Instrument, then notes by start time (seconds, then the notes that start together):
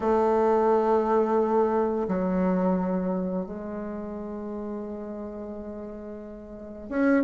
bassoon
0.00 A3
2.08 F#3
3.45 G#3
6.89 C#4